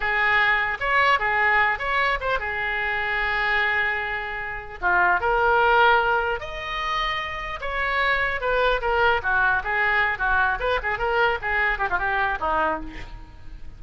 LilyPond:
\new Staff \with { instrumentName = "oboe" } { \time 4/4 \tempo 4 = 150 gis'2 cis''4 gis'4~ | gis'8 cis''4 c''8 gis'2~ | gis'1 | f'4 ais'2. |
dis''2. cis''4~ | cis''4 b'4 ais'4 fis'4 | gis'4. fis'4 b'8 gis'8 ais'8~ | ais'8 gis'4 g'16 f'16 g'4 dis'4 | }